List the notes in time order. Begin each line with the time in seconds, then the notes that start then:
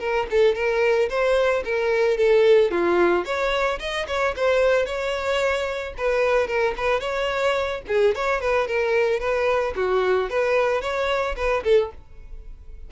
0.00 A#4
0.31 A4
0.55 A#4
1.10 C5
1.65 A#4
2.18 A4
2.72 F4
3.25 C#5
3.80 D#5
4.08 C#5
4.37 C5
4.86 C#5
5.98 B4
6.48 A#4
6.77 B4
7.01 C#5
7.88 G#4
8.16 C#5
8.41 B4
8.68 A#4
9.20 B4
9.76 F#4
10.30 B4
10.82 C#5
11.37 B4
11.64 A4